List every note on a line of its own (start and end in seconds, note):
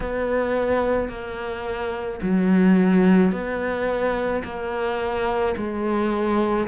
0.00 1.08 B3
1.08 2.19 A#3
2.22 3.31 F#3
3.31 4.42 B3
4.44 5.55 A#3
5.56 6.67 G#3